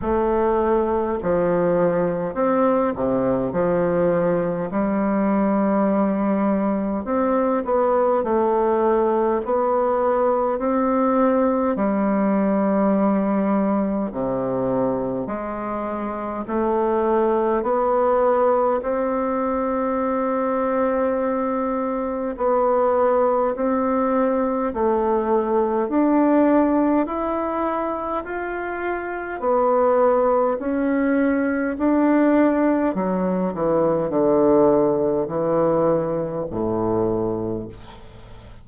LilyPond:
\new Staff \with { instrumentName = "bassoon" } { \time 4/4 \tempo 4 = 51 a4 f4 c'8 c8 f4 | g2 c'8 b8 a4 | b4 c'4 g2 | c4 gis4 a4 b4 |
c'2. b4 | c'4 a4 d'4 e'4 | f'4 b4 cis'4 d'4 | fis8 e8 d4 e4 a,4 | }